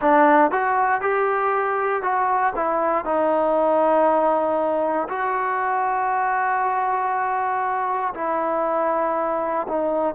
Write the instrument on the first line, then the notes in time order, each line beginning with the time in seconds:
trombone
0.00 D4
0.51 F#4
1.01 G4
2.02 F#4
2.55 E4
3.04 D#4
5.08 F#4
8.14 E4
9.68 D#4